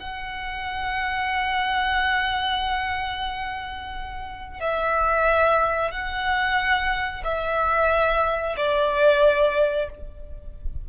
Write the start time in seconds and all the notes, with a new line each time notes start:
0.00 F#5
4.60 E5
5.92 F#5
7.24 E5
8.57 D5